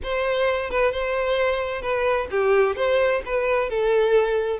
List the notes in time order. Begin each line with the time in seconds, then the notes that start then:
0.03 C5
0.70 B4
0.91 C5
1.81 B4
2.31 G4
2.76 C5
3.25 B4
3.69 A4